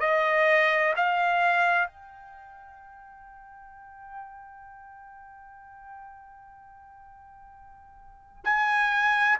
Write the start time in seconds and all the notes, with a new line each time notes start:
0.00 D#5
0.97 F5
1.88 G5
8.45 G#5